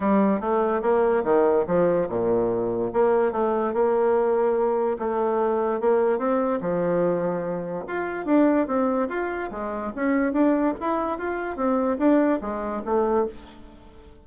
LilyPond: \new Staff \with { instrumentName = "bassoon" } { \time 4/4 \tempo 4 = 145 g4 a4 ais4 dis4 | f4 ais,2 ais4 | a4 ais2. | a2 ais4 c'4 |
f2. f'4 | d'4 c'4 f'4 gis4 | cis'4 d'4 e'4 f'4 | c'4 d'4 gis4 a4 | }